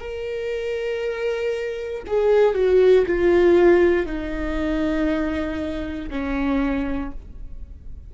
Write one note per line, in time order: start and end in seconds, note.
0.00 2.03 A#4
2.07 2.55 G#4
2.55 3.06 F#4
3.06 4.06 F4
4.06 6.10 D#4
6.10 7.12 C#4